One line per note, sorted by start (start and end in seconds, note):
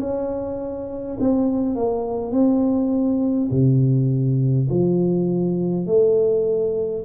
0.00 1.18 C#4
1.20 1.75 C4
1.75 2.32 A#3
2.32 3.49 C4
3.51 4.68 C3
4.70 5.87 F3
5.87 7.04 A3